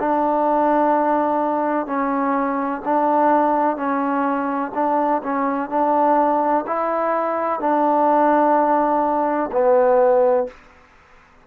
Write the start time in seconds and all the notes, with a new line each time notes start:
0.00 D4
1.87 C#4
2.85 D4
3.77 C#4
4.75 D4
5.24 C#4
5.70 D4
6.67 E4
7.61 D4
9.52 B3